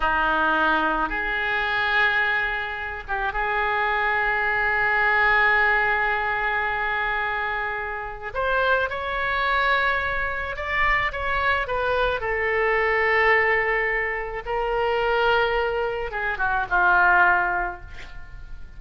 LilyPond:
\new Staff \with { instrumentName = "oboe" } { \time 4/4 \tempo 4 = 108 dis'2 gis'2~ | gis'4. g'8 gis'2~ | gis'1~ | gis'2. c''4 |
cis''2. d''4 | cis''4 b'4 a'2~ | a'2 ais'2~ | ais'4 gis'8 fis'8 f'2 | }